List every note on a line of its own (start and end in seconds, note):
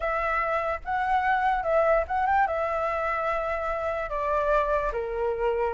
0.00 0.80 E5
0.84 1.63 F#5
1.63 2.04 E5
2.07 2.26 F#5
2.26 2.47 G5
2.47 4.09 E5
4.09 4.91 D5
4.92 5.73 A#4